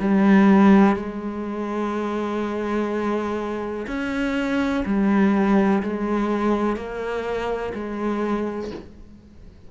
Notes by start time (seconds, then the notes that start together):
0.00 G3
0.96 G#3
3.88 C#4
4.86 G3
5.83 G#3
6.77 A#3
7.75 G#3